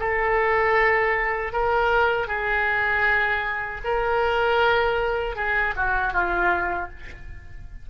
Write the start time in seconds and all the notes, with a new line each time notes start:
0.00 A4
1.53 A#4
2.28 G#4
3.84 A#4
5.36 G#4
5.76 F#4
6.13 F4